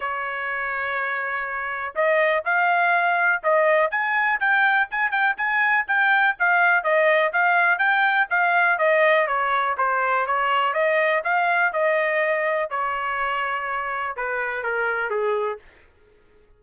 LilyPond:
\new Staff \with { instrumentName = "trumpet" } { \time 4/4 \tempo 4 = 123 cis''1 | dis''4 f''2 dis''4 | gis''4 g''4 gis''8 g''8 gis''4 | g''4 f''4 dis''4 f''4 |
g''4 f''4 dis''4 cis''4 | c''4 cis''4 dis''4 f''4 | dis''2 cis''2~ | cis''4 b'4 ais'4 gis'4 | }